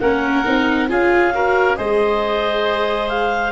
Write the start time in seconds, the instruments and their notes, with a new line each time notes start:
0.00 tuba A#3, viola C#4, oboe A#4, clarinet F#5
0.44 tuba C4, viola D#4
0.88 tuba C#4, viola F4, oboe G#4, clarinet F5
1.34 viola F#4, oboe A#4
1.76 tuba G#3, viola G#4, oboe C5, clarinet D#5
3.09 clarinet F5